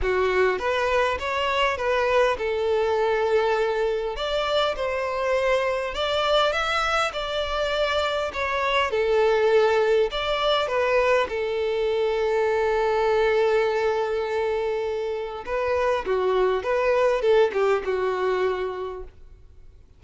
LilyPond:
\new Staff \with { instrumentName = "violin" } { \time 4/4 \tempo 4 = 101 fis'4 b'4 cis''4 b'4 | a'2. d''4 | c''2 d''4 e''4 | d''2 cis''4 a'4~ |
a'4 d''4 b'4 a'4~ | a'1~ | a'2 b'4 fis'4 | b'4 a'8 g'8 fis'2 | }